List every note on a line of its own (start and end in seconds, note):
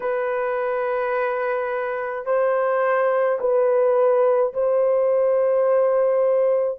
0.00 2.25 B4
2.25 3.39 C5
3.40 4.53 B4
4.53 6.78 C5